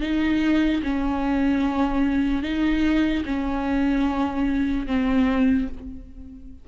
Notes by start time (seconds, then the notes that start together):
0.00 D#4
0.83 C#4
2.42 D#4
3.25 C#4
4.86 C4